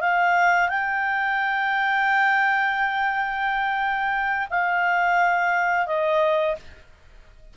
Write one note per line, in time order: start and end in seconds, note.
0.00 0.69 F5
0.69 4.48 G5
4.50 5.86 F5
5.86 6.55 D#5